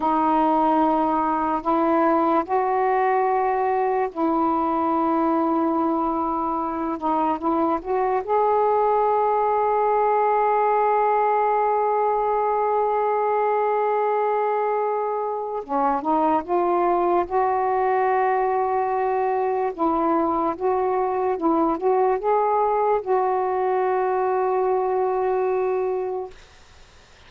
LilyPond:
\new Staff \with { instrumentName = "saxophone" } { \time 4/4 \tempo 4 = 73 dis'2 e'4 fis'4~ | fis'4 e'2.~ | e'8 dis'8 e'8 fis'8 gis'2~ | gis'1~ |
gis'2. cis'8 dis'8 | f'4 fis'2. | e'4 fis'4 e'8 fis'8 gis'4 | fis'1 | }